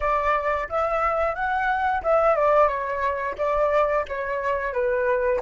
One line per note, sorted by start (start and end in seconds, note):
0.00 0.67 D5
0.69 1.34 E5
1.34 2.02 F#5
2.03 2.35 E5
2.35 2.68 D5
2.68 3.35 C#5
3.38 4.05 D5
4.08 4.73 C#5
4.73 5.40 B4